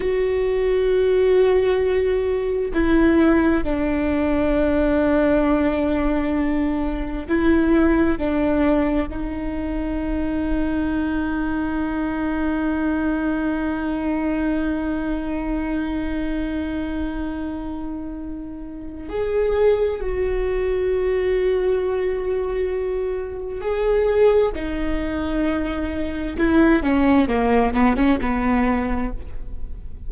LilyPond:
\new Staff \with { instrumentName = "viola" } { \time 4/4 \tempo 4 = 66 fis'2. e'4 | d'1 | e'4 d'4 dis'2~ | dis'1~ |
dis'1~ | dis'4 gis'4 fis'2~ | fis'2 gis'4 dis'4~ | dis'4 e'8 cis'8 ais8 b16 cis'16 b4 | }